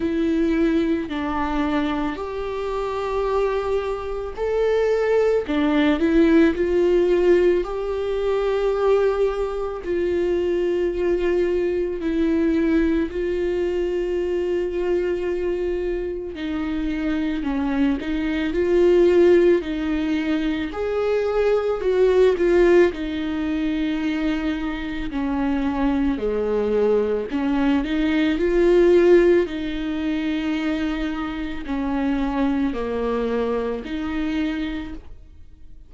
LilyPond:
\new Staff \with { instrumentName = "viola" } { \time 4/4 \tempo 4 = 55 e'4 d'4 g'2 | a'4 d'8 e'8 f'4 g'4~ | g'4 f'2 e'4 | f'2. dis'4 |
cis'8 dis'8 f'4 dis'4 gis'4 | fis'8 f'8 dis'2 cis'4 | gis4 cis'8 dis'8 f'4 dis'4~ | dis'4 cis'4 ais4 dis'4 | }